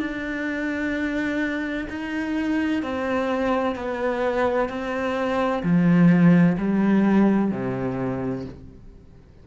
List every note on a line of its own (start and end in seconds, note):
0.00 1.87 D4
1.90 2.83 D#4
2.83 3.76 C4
3.76 4.70 B3
4.70 5.63 C4
5.63 6.57 F3
6.58 7.52 G3
7.52 8.45 C3